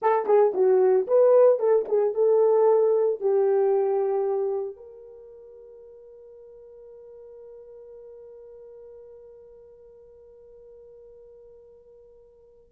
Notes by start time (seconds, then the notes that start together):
0.01 A4
0.26 G#4
0.53 F#4
1.07 B4
1.59 A4
1.88 G#4
2.14 A4
3.20 G4
4.76 A#4